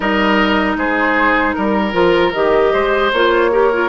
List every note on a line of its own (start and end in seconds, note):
0.00 0.76 G3
0.00 1.92 D#4
0.00 0.76 A#4
0.00 0.76 D#5
0.76 1.54 G#3
0.76 1.55 G#4
0.76 1.53 C5
1.53 1.93 G3
1.53 2.31 A#4
1.53 2.72 A#4
1.92 2.32 F3
1.92 2.31 F4
2.32 2.73 D#3
2.32 3.12 G4
2.32 3.10 D#5
2.73 3.12 G#3
2.73 3.50 C5
3.12 3.88 A#3
3.12 3.51 F4
3.12 3.88 C#5
3.51 3.71 G4
3.51 3.88 A#4
3.73 3.88 F4